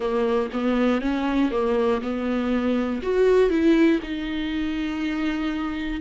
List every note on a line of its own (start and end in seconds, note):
0.00 0.49 A#3
0.53 1.00 B3
1.00 1.50 C#4
1.51 2.01 A#3
2.01 3.01 B3
3.02 3.50 F#4
3.50 4.00 E4
4.02 6.00 D#4